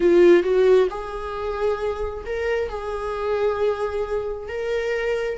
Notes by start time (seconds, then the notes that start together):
0.00 F4
0.43 F#4
0.90 G#4
2.26 A#4
2.69 G#4
4.48 A#4